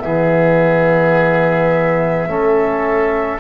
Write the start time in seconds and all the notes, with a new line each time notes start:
0.00 E3 B3 G#4 E5
2.28 A3 C#4 A4